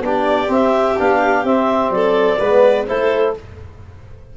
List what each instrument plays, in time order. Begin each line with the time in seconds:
0.00 tuba B3, trombone D4, violin G4
0.06 clarinet D5
0.47 trombone C4, tuba C4, clarinet E5
0.98 tuba B3, trombone D4, clarinet F5
1.44 tuba C4, trombone C4, clarinet E5
1.90 tuba F#3, violin A4, clarinet D5
2.39 tuba G#3, trombone B3, violin B4
2.86 tuba A3, trombone E4, violin A4, clarinet C5